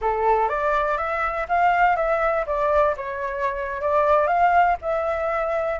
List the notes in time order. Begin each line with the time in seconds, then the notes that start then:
0.01 A4
0.49 D5
0.97 E5
1.48 F5
1.96 E5
2.46 D5
2.96 C#5
3.81 D5
4.27 F5
4.81 E5